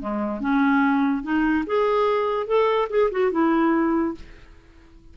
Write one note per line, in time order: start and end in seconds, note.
0.00 0.41 G#3
0.41 1.23 C#4
1.23 1.65 D#4
1.67 2.47 G#4
2.47 2.89 A4
2.90 3.11 G#4
3.11 3.32 F#4
3.32 4.15 E4